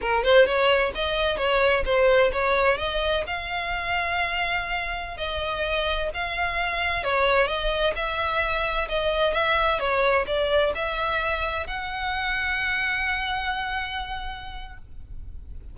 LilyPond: \new Staff \with { instrumentName = "violin" } { \time 4/4 \tempo 4 = 130 ais'8 c''8 cis''4 dis''4 cis''4 | c''4 cis''4 dis''4 f''4~ | f''2.~ f''16 dis''8.~ | dis''4~ dis''16 f''2 cis''8.~ |
cis''16 dis''4 e''2 dis''8.~ | dis''16 e''4 cis''4 d''4 e''8.~ | e''4~ e''16 fis''2~ fis''8.~ | fis''1 | }